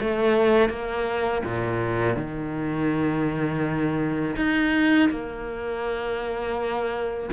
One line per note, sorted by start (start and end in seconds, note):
0.00 0.69 A3
0.69 1.42 A#3
1.44 2.16 A#2
2.16 4.36 D#3
4.36 5.09 D#4
5.10 7.29 A#3